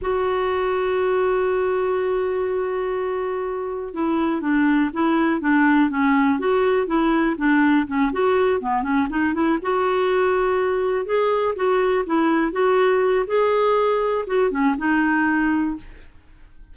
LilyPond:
\new Staff \with { instrumentName = "clarinet" } { \time 4/4 \tempo 4 = 122 fis'1~ | fis'1 | e'4 d'4 e'4 d'4 | cis'4 fis'4 e'4 d'4 |
cis'8 fis'4 b8 cis'8 dis'8 e'8 fis'8~ | fis'2~ fis'8 gis'4 fis'8~ | fis'8 e'4 fis'4. gis'4~ | gis'4 fis'8 cis'8 dis'2 | }